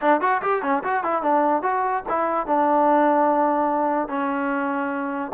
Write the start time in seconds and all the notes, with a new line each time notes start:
0.01 D4
0.21 F#4
0.41 G4
0.62 C#4
0.83 F#4
1.03 E4
1.22 D4
1.62 F#4
2.08 E4
2.46 D4
4.08 C#4